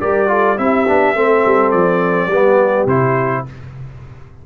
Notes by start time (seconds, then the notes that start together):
0.00 G3 G4 A#4 D5
0.28 F4 A4
0.57 C4 E4 G4 E5
0.87 B3 D4
1.15 A3 C4 A4
1.46 G3
1.71 F3 D5
2.27 G3 B3 G4
2.86 C3 E4 C5